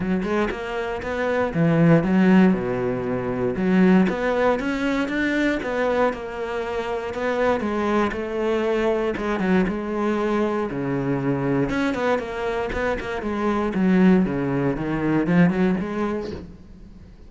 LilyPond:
\new Staff \with { instrumentName = "cello" } { \time 4/4 \tempo 4 = 118 fis8 gis8 ais4 b4 e4 | fis4 b,2 fis4 | b4 cis'4 d'4 b4 | ais2 b4 gis4 |
a2 gis8 fis8 gis4~ | gis4 cis2 cis'8 b8 | ais4 b8 ais8 gis4 fis4 | cis4 dis4 f8 fis8 gis4 | }